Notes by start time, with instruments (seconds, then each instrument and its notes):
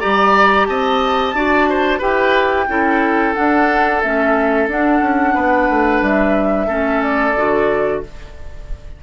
0.00 bassoon G3, clarinet G4, oboe D5, flute A#5
0.67 bassoon C4, oboe D#5, flute A5
1.34 bassoon D4, clarinet F#4, oboe D5
1.69 oboe C5
1.99 bassoon E4, clarinet G4, oboe B4, flute G5
2.68 bassoon C#4, clarinet E4, oboe A4
3.35 clarinet D4, bassoon D4, flute F#5
4.02 bassoon A3, clarinet C#4, flute E5
4.67 bassoon D4, clarinet D4, flute F#5
5.01 bassoon C#4
5.34 bassoon B3, oboe B4
5.70 bassoon A3
6.02 bassoon G3, flute E5
6.67 bassoon A3, clarinet C#4, oboe A4
7.03 flute D5
7.36 bassoon D3, clarinet F#4